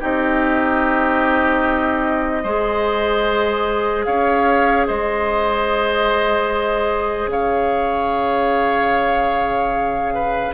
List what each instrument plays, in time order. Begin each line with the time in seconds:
0.00 bassoon C4, clarinet D#4, oboe G4, flute D#5
2.43 bassoon G#3, clarinet G#4, oboe C5
4.05 bassoon C#4, oboe C#5, flute F5
4.87 bassoon G#3, oboe C5, flute D#5
7.27 bassoon C#3, oboe C#5, flute F5
10.14 oboe B4